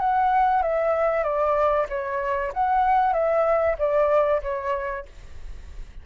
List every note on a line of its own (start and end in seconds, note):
0.00 0.62 F#5
0.62 1.23 E5
1.23 1.87 D5
1.89 2.52 C#5
2.53 3.13 F#5
3.13 3.76 E5
3.78 4.41 D5
4.42 5.05 C#5